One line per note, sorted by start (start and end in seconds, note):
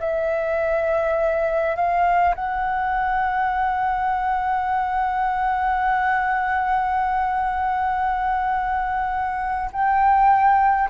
0.00 1.76 E5
1.76 2.35 F5
2.35 9.71 F#5
9.72 10.90 G5